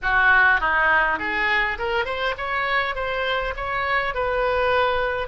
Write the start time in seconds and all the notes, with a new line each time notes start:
0.02 F#4
0.60 D#4
1.19 G#4
1.78 A#4
2.05 C5
2.37 C#5
2.95 C5
3.56 C#5
4.14 B4